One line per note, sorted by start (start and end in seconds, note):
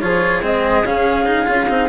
0.00 0.43 F3
0.00 0.42 F4
0.00 1.89 G#4
0.00 0.42 C#5
0.42 0.82 G#3
0.42 0.84 C4
0.42 0.86 D#5
0.82 1.45 C#3
0.82 1.25 C#4
0.82 1.89 F5
1.25 1.46 D#4
1.46 1.69 C#4
1.46 1.67 F4
1.68 1.89 C4
1.68 1.89 D#4